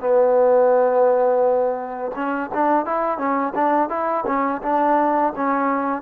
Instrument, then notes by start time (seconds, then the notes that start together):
trombone
0.00 B3
2.15 C#4
2.54 D4
2.86 E4
3.18 C#4
3.55 D4
3.90 E4
4.26 C#4
4.63 D4
5.36 C#4